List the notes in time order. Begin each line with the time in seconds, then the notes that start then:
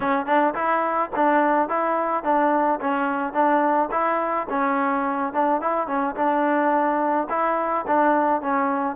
0.00 C#4
0.26 D4
0.54 E4
1.15 D4
1.68 E4
2.23 D4
2.80 C#4
3.33 D4
3.91 E4
4.49 C#4
5.33 D4
5.61 E4
5.87 C#4
6.15 D4
7.29 E4
7.87 D4
8.41 C#4